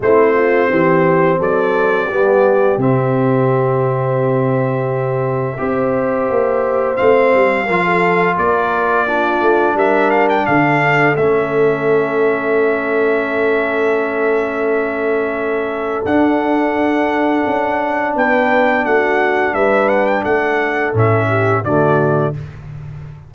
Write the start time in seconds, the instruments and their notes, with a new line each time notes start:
0.00 tuba A3, trombone C4, horn E4, trumpet C5
0.34 horn F4
0.70 tuba E3, horn G4
1.38 tuba F#3, horn A4, trumpet D5
2.06 tuba G3, trombone B3, horn G4
2.77 tuba C3, trombone C4, trumpet E5
5.57 tuba C4, trombone G4, horn C5
6.29 tuba A#3
6.96 tuba A3, trombone C4, trumpet F5
7.34 tuba G3
7.65 tuba F3, trombone F4, horn A#4
7.84 horn A4
8.35 tuba A#3, horn A#4, trumpet D5
9.07 trombone D4, horn F4
9.41 tuba A3
9.74 tuba G3, horn A#4, trumpet E5
10.10 trumpet F5
10.29 trumpet G5
10.46 tuba D3, horn A4, trumpet F5
11.16 tuba A3, trombone C#4, trumpet E5
16.04 tuba D4, trombone D4, trumpet F#5
17.46 tuba C#4
18.15 tuba B3, horn B4, trumpet G5
18.85 tuba A3, horn F#4, trumpet F#5
19.54 tuba G3, horn B4, trumpet E5
19.88 trumpet F#5
20.06 trumpet G5
20.22 tuba A3, horn A4, trumpet F#5
20.93 tuba A2, trombone C#4, trumpet E5
21.28 horn G4
21.63 tuba D3, trombone A3, horn F#4, trumpet D5